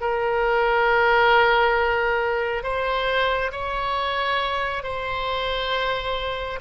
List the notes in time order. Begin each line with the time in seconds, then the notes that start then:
0.00 A#4
2.63 C5
3.51 C#5
4.83 C5